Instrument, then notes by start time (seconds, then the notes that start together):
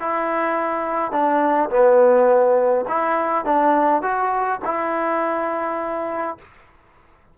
trombone
0.00 E4
1.12 D4
1.70 B3
2.88 E4
3.45 D4
4.03 F#4
4.65 E4